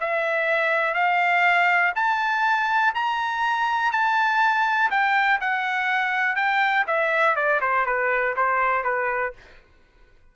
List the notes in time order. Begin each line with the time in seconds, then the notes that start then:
0.00 E5
0.94 F5
1.95 A5
2.95 A#5
3.92 A5
4.90 G5
5.40 F#5
6.36 G5
6.87 E5
7.35 D5
7.61 C5
7.86 B4
8.36 C5
8.84 B4